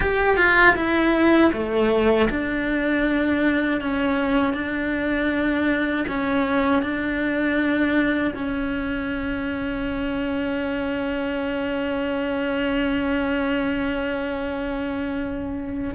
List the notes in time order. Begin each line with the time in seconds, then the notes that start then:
0.00 G4
0.36 F4
0.75 E4
1.52 A3
2.30 D4
3.80 C#4
4.53 D4
6.08 C#4
6.82 D4
8.34 C#4